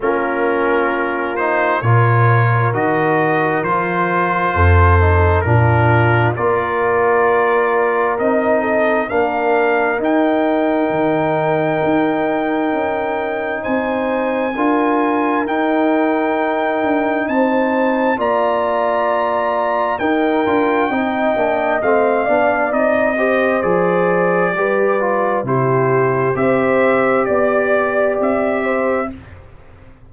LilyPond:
<<
  \new Staff \with { instrumentName = "trumpet" } { \time 4/4 \tempo 4 = 66 ais'4. c''8 cis''4 dis''4 | c''2 ais'4 d''4~ | d''4 dis''4 f''4 g''4~ | g''2. gis''4~ |
gis''4 g''2 a''4 | ais''2 g''2 | f''4 dis''4 d''2 | c''4 e''4 d''4 e''4 | }
  \new Staff \with { instrumentName = "horn" } { \time 4/4 f'2 ais'2~ | ais'4 a'4 f'4 ais'4~ | ais'4. a'8 ais'2~ | ais'2. c''4 |
ais'2. c''4 | d''2 ais'4 dis''4~ | dis''8 d''4 c''4. b'4 | g'4 c''4 d''4. c''8 | }
  \new Staff \with { instrumentName = "trombone" } { \time 4/4 cis'4. dis'8 f'4 fis'4 | f'4. dis'8 d'4 f'4~ | f'4 dis'4 d'4 dis'4~ | dis'1 |
f'4 dis'2. | f'2 dis'8 f'8 dis'8 d'8 | c'8 d'8 dis'8 g'8 gis'4 g'8 f'8 | e'4 g'2. | }
  \new Staff \with { instrumentName = "tuba" } { \time 4/4 ais2 ais,4 dis4 | f4 f,4 ais,4 ais4~ | ais4 c'4 ais4 dis'4 | dis4 dis'4 cis'4 c'4 |
d'4 dis'4. d'8 c'4 | ais2 dis'8 d'8 c'8 ais8 | a8 b8 c'4 f4 g4 | c4 c'4 b4 c'4 | }
>>